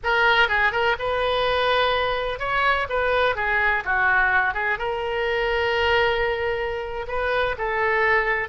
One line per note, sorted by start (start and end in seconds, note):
0.03 0.48 A#4
0.48 0.72 G#4
0.72 0.96 A#4
0.98 2.39 B4
2.39 2.87 C#5
2.89 3.35 B4
3.35 3.83 G#4
3.84 4.54 F#4
4.54 4.78 G#4
4.78 7.06 A#4
7.07 7.55 B4
7.57 8.48 A4